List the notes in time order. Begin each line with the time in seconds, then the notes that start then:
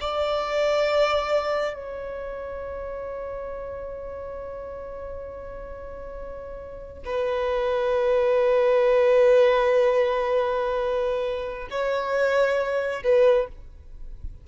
0.00 D5
1.74 C#5
7.05 B4
11.70 C#5
13.03 B4